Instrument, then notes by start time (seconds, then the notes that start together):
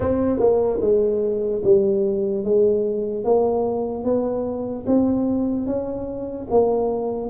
tuba
0.00 C4
0.39 A#3
0.81 G#3
1.64 G3
2.44 G#3
3.24 A#3
4.04 B3
4.86 C4
5.66 C#4
6.50 A#3